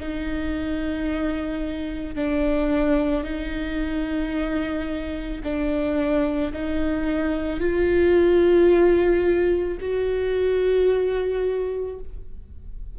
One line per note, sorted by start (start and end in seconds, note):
0.00 2.16 D#4
2.16 3.24 D4
3.24 5.42 D#4
5.43 6.53 D4
6.53 7.60 D#4
7.60 9.78 F4
9.81 11.99 F#4